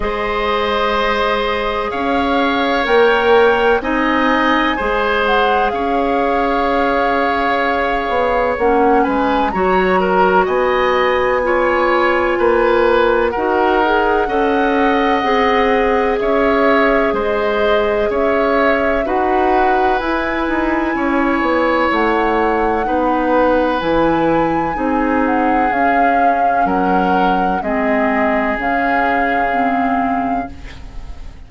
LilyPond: <<
  \new Staff \with { instrumentName = "flute" } { \time 4/4 \tempo 4 = 63 dis''2 f''4 g''4 | gis''4. fis''8 f''2~ | f''4 fis''8 gis''8 ais''4 gis''4~ | gis''2 fis''2~ |
fis''4 e''4 dis''4 e''4 | fis''4 gis''2 fis''4~ | fis''4 gis''4. fis''8 f''4 | fis''4 dis''4 f''2 | }
  \new Staff \with { instrumentName = "oboe" } { \time 4/4 c''2 cis''2 | dis''4 c''4 cis''2~ | cis''4. b'8 cis''8 ais'8 dis''4 | cis''4 b'4 ais'4 dis''4~ |
dis''4 cis''4 c''4 cis''4 | b'2 cis''2 | b'2 gis'2 | ais'4 gis'2. | }
  \new Staff \with { instrumentName = "clarinet" } { \time 4/4 gis'2. ais'4 | dis'4 gis'2.~ | gis'4 cis'4 fis'2 | f'2 fis'8 gis'8 a'4 |
gis'1 | fis'4 e'2. | dis'4 e'4 dis'4 cis'4~ | cis'4 c'4 cis'4 c'4 | }
  \new Staff \with { instrumentName = "bassoon" } { \time 4/4 gis2 cis'4 ais4 | c'4 gis4 cis'2~ | cis'8 b8 ais8 gis8 fis4 b4~ | b4 ais4 dis'4 cis'4 |
c'4 cis'4 gis4 cis'4 | dis'4 e'8 dis'8 cis'8 b8 a4 | b4 e4 c'4 cis'4 | fis4 gis4 cis2 | }
>>